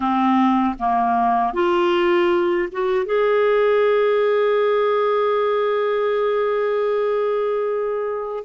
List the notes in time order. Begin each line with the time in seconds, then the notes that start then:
0.00 C4
0.79 A#3
1.53 F4
2.71 F#4
3.05 G#4